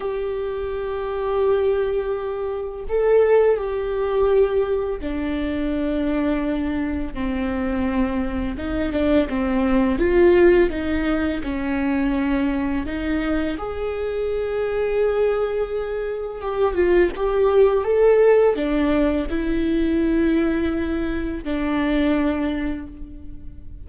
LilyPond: \new Staff \with { instrumentName = "viola" } { \time 4/4 \tempo 4 = 84 g'1 | a'4 g'2 d'4~ | d'2 c'2 | dis'8 d'8 c'4 f'4 dis'4 |
cis'2 dis'4 gis'4~ | gis'2. g'8 f'8 | g'4 a'4 d'4 e'4~ | e'2 d'2 | }